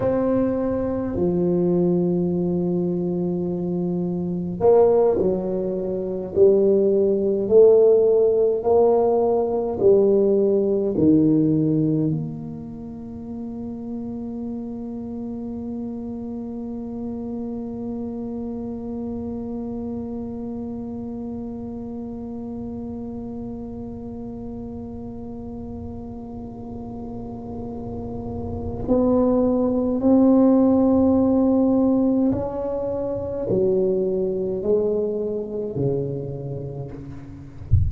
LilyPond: \new Staff \with { instrumentName = "tuba" } { \time 4/4 \tempo 4 = 52 c'4 f2. | ais8 fis4 g4 a4 ais8~ | ais8 g4 dis4 ais4.~ | ais1~ |
ais1~ | ais1~ | ais4 b4 c'2 | cis'4 fis4 gis4 cis4 | }